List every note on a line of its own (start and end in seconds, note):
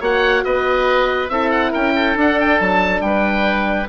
0.00 0.43 A#3
0.00 1.30 F#4
0.00 0.43 C#5
0.00 0.44 F#5
0.44 1.29 B3
0.44 1.32 B4
0.44 1.29 D#5
1.29 1.72 C4
1.29 2.15 E4
1.29 1.71 A4
1.29 1.50 E5
1.50 1.71 F#5
1.71 2.15 C#4
1.71 1.92 A#4
1.71 2.17 G5
1.95 3.03 A4
2.15 3.88 D4
2.15 2.59 D4
2.15 2.39 F#5
2.39 2.60 G5
2.60 3.00 F#3
2.60 3.01 A5
3.00 3.87 G3
3.00 3.89 B4
3.00 3.87 G5